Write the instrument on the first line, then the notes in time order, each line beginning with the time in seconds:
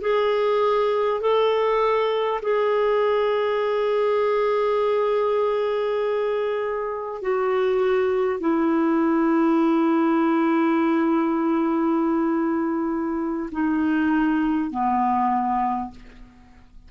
clarinet
0.00 G#4
1.20 A4
2.42 G#4
7.21 F#4
8.39 E4
13.51 D#4
14.71 B3